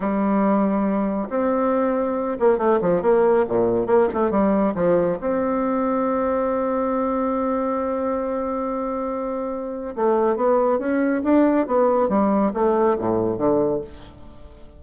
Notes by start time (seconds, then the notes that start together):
0.00 G3
1.29 C4
2.39 A#3
2.58 A3
2.81 F3
3.01 A#3
3.48 A#2
3.86 A#3
4.13 A3
4.30 G3
4.74 F3
5.20 C4
9.95 A3
10.36 B3
10.79 C#4
11.23 D4
11.66 B3
12.09 G3
12.53 A3
12.98 A2
13.37 D3